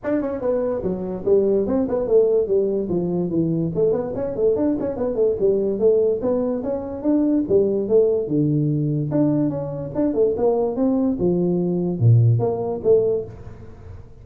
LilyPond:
\new Staff \with { instrumentName = "tuba" } { \time 4/4 \tempo 4 = 145 d'8 cis'8 b4 fis4 g4 | c'8 b8 a4 g4 f4 | e4 a8 b8 cis'8 a8 d'8 cis'8 | b8 a8 g4 a4 b4 |
cis'4 d'4 g4 a4 | d2 d'4 cis'4 | d'8 a8 ais4 c'4 f4~ | f4 ais,4 ais4 a4 | }